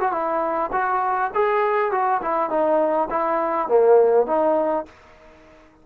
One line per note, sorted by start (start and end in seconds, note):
0.00 0.12 F#4
0.12 0.71 E4
0.72 1.31 F#4
1.34 1.91 G#4
1.91 2.21 F#4
2.22 2.49 E4
2.49 3.08 D#4
3.10 3.68 E4
3.68 4.26 A#3
4.26 4.85 D#4